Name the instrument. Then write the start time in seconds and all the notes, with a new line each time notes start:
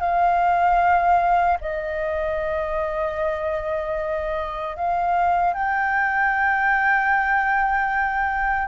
flute
0.00 F5
1.61 D#5
4.77 F5
5.54 G5